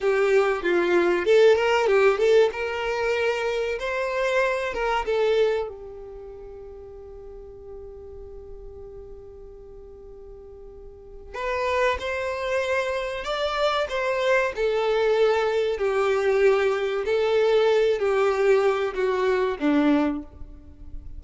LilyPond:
\new Staff \with { instrumentName = "violin" } { \time 4/4 \tempo 4 = 95 g'4 f'4 a'8 ais'8 g'8 a'8 | ais'2 c''4. ais'8 | a'4 g'2.~ | g'1~ |
g'2 b'4 c''4~ | c''4 d''4 c''4 a'4~ | a'4 g'2 a'4~ | a'8 g'4. fis'4 d'4 | }